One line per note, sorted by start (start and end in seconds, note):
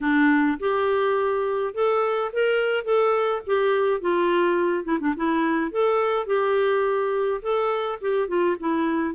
0.01 0.58 D4
0.59 1.74 G4
1.74 2.31 A4
2.32 2.84 A#4
2.84 3.41 A4
3.46 4.00 G4
4.00 4.84 F4
4.84 4.98 E4
5.00 5.14 D4
5.16 5.71 E4
5.71 6.26 A4
6.26 7.40 G4
7.41 7.98 A4
8.01 8.28 G4
8.28 8.56 F4
8.59 9.15 E4